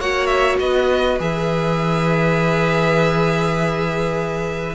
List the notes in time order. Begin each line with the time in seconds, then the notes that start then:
0.00 A#3 F#4 C#5 F#5
0.27 E5
0.60 B3 B4 D#5
1.20 E3 G#4 E5